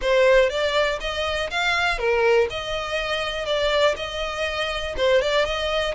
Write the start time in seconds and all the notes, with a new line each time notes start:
0.01 C5
0.49 D5
1.00 D#5
1.50 F5
1.98 A#4
2.50 D#5
3.45 D5
3.96 D#5
4.96 C5
5.21 D5
5.45 D#5